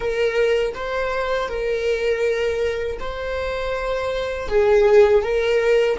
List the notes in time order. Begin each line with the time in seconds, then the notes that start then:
0.00 A#4
0.74 C5
1.48 A#4
2.99 C5
4.48 G#4
5.22 A#4